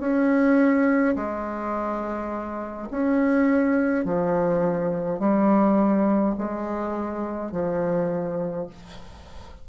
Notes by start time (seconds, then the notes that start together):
0.00 C#4
1.16 G#3
2.91 C#4
4.05 F3
5.20 G3
6.38 G#3
7.52 F3